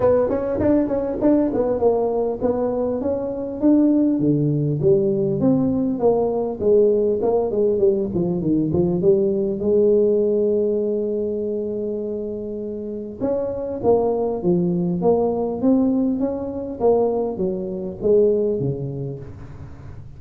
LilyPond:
\new Staff \with { instrumentName = "tuba" } { \time 4/4 \tempo 4 = 100 b8 cis'8 d'8 cis'8 d'8 b8 ais4 | b4 cis'4 d'4 d4 | g4 c'4 ais4 gis4 | ais8 gis8 g8 f8 dis8 f8 g4 |
gis1~ | gis2 cis'4 ais4 | f4 ais4 c'4 cis'4 | ais4 fis4 gis4 cis4 | }